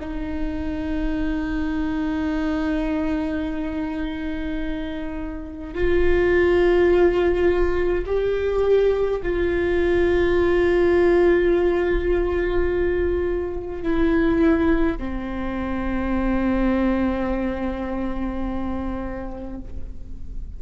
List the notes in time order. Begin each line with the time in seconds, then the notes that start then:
0.00 D#4
5.74 F4
8.06 G4
9.23 F4
13.83 E4
14.98 C4